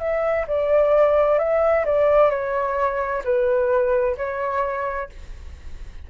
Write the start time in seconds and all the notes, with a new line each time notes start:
0.00 E5
0.48 D5
1.39 E5
1.86 D5
2.31 C#5
3.25 B4
4.17 C#5